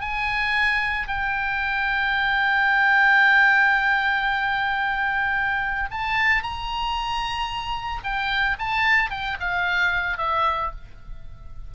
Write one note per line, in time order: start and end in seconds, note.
0.00 1.07 G#5
1.07 5.89 G5
5.90 6.42 A5
6.42 8.03 A#5
8.03 8.57 G5
8.58 9.10 A5
9.10 9.37 G5
9.40 10.17 F5
10.17 10.71 E5